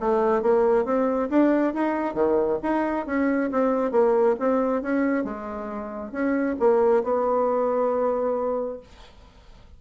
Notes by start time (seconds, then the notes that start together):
0.00 A3
0.43 A#3
0.85 C4
1.30 D4
1.74 D#4
2.15 D#3
2.63 D#4
3.07 C#4
3.52 C4
3.92 A#3
4.40 C4
4.82 C#4
5.25 G#3
6.12 C#4
6.60 A#3
7.04 B3